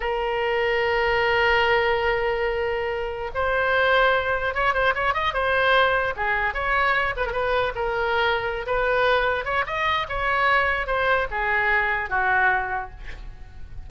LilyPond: \new Staff \with { instrumentName = "oboe" } { \time 4/4 \tempo 4 = 149 ais'1~ | ais'1~ | ais'16 c''2. cis''8 c''16~ | c''16 cis''8 dis''8 c''2 gis'8.~ |
gis'16 cis''4. b'16 ais'16 b'4 ais'8.~ | ais'4. b'2 cis''8 | dis''4 cis''2 c''4 | gis'2 fis'2 | }